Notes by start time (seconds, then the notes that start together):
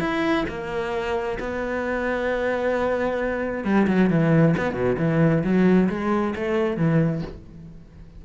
0.00 E4
0.49 A#3
1.40 B3
3.65 G3
3.88 F#3
4.10 E3
4.57 B3
4.73 B2
4.98 E3
5.44 F#3
5.90 G#3
6.36 A3
6.77 E3